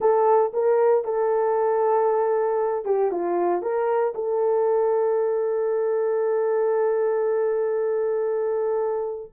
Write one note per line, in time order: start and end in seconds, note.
0.00 0.52 A4
0.53 1.04 A#4
1.04 2.85 A4
2.85 3.11 G4
3.11 3.62 F4
3.62 4.13 A#4
4.14 9.32 A4